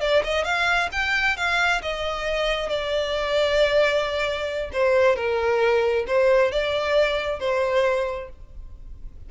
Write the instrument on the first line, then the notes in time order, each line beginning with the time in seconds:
violin
0.00 D5
0.24 D#5
0.44 F5
0.92 G5
1.37 F5
1.82 D#5
2.69 D5
4.73 C5
5.16 A#4
6.07 C5
6.51 D5
7.39 C5